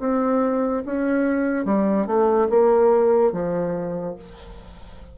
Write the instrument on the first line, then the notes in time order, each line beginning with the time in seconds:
bassoon
0.00 C4
0.86 C#4
1.65 G3
2.07 A3
2.50 A#3
3.32 F3